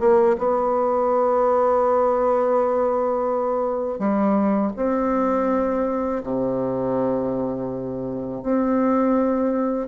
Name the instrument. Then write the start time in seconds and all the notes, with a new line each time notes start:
bassoon
0.00 A#3
0.39 B3
3.99 G3
4.77 C4
6.24 C3
8.43 C4